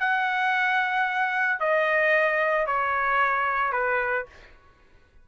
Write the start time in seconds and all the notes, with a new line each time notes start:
0.00 F#5
1.60 D#5
2.67 C#5
3.72 B4